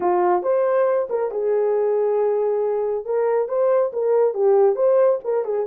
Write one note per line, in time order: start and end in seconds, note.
0.00 0.42 F4
0.42 1.08 C5
1.09 1.31 A#4
1.31 3.05 G#4
3.05 3.48 A#4
3.48 3.91 C5
3.92 4.34 A#4
4.34 4.75 G4
4.75 5.19 C5
5.24 5.44 A#4
5.44 5.66 G#4